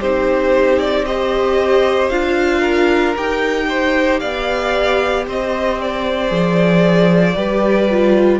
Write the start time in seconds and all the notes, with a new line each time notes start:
0.00 C4 D#4 G4 C5
0.79 D5
1.05 G4 C5 D#5
2.09 D4 F4 F5
2.60 A#4
3.16 D#4 G4 G5
3.68 C5
4.19 B3 D5 F5
5.27 C4 C5 D#5
5.81 D5
6.28 F3 G#4
7.35 G3 G4 B4
7.90 F4